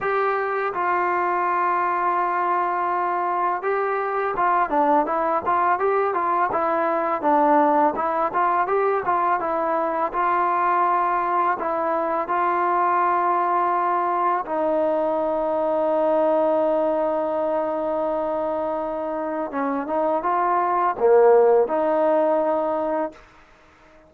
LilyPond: \new Staff \with { instrumentName = "trombone" } { \time 4/4 \tempo 4 = 83 g'4 f'2.~ | f'4 g'4 f'8 d'8 e'8 f'8 | g'8 f'8 e'4 d'4 e'8 f'8 | g'8 f'8 e'4 f'2 |
e'4 f'2. | dis'1~ | dis'2. cis'8 dis'8 | f'4 ais4 dis'2 | }